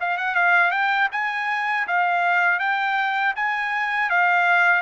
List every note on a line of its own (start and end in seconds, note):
0.00 0.17 F5
0.17 0.35 F#5
0.35 0.71 F5
0.71 1.08 G5
1.12 1.87 G#5
1.88 2.59 F5
2.59 3.34 G5
3.35 4.10 G#5
4.10 4.81 F5